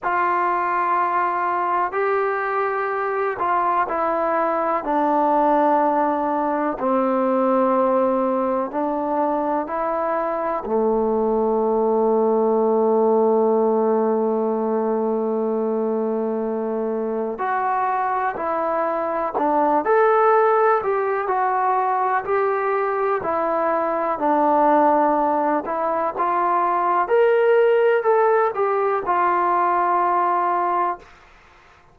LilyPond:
\new Staff \with { instrumentName = "trombone" } { \time 4/4 \tempo 4 = 62 f'2 g'4. f'8 | e'4 d'2 c'4~ | c'4 d'4 e'4 a4~ | a1~ |
a2 fis'4 e'4 | d'8 a'4 g'8 fis'4 g'4 | e'4 d'4. e'8 f'4 | ais'4 a'8 g'8 f'2 | }